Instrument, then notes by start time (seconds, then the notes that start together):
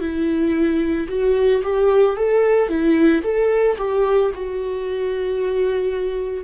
viola
0.00 E4
1.08 F#4
1.63 G4
2.16 A4
2.68 E4
3.23 A4
3.77 G4
4.34 F#4